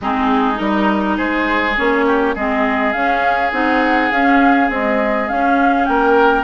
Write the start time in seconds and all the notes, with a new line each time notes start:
0.01 G#3 C4 D#4 G#4
0.54 G3 D#4 A#4
1.17 G#3 G#4 C5
1.77 A#3 C#4 C#5
2.06 G4
2.35 G#3 C4 G#4 D#5
2.92 C#4 F5
3.52 C4 D#4 F#5
4.11 C#4 F5
4.69 G#3 C4 D#5
5.28 C#4 F5
5.85 A#3 A#4 G5